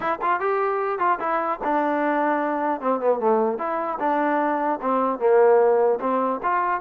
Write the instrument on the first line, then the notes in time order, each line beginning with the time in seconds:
trombone
0.00 E4
0.21 F4
0.39 G4
0.98 F4
1.19 E4
1.63 D4
2.80 C4
3.00 B3
3.19 A3
3.58 E4
3.99 D4
4.81 C4
5.19 A#3
6.00 C4
6.42 F4